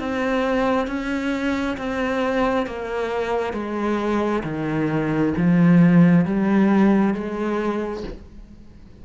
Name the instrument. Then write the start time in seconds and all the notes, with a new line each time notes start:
cello
0.00 C4
0.88 C#4
1.77 C4
2.67 A#3
3.54 G#3
4.44 D#3
5.38 F3
6.26 G3
7.14 G#3